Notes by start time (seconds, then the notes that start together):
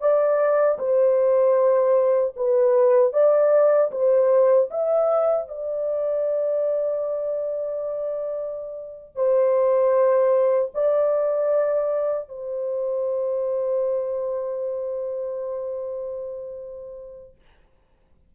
0.00 D5
0.78 C5
2.36 B4
3.13 D5
3.91 C5
4.70 E5
5.48 D5
9.16 C5
10.74 D5
12.28 C5